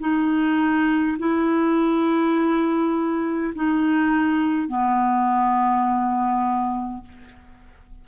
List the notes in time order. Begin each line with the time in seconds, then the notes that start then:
0.00 D#4
1.19 E4
3.55 D#4
4.68 B3